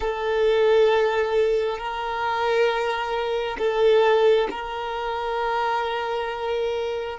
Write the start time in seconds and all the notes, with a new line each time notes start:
0.00 A4
1.77 A#4
3.58 A4
4.50 A#4